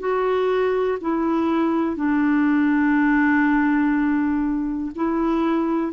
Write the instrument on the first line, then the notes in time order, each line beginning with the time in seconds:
clarinet
0.00 F#4
1.01 E4
1.96 D4
4.95 E4